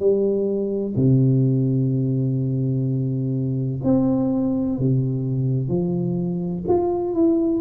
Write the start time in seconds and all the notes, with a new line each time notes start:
0.00 G3
0.96 C3
3.84 C4
4.79 C3
5.69 F3
6.68 F4
7.14 E4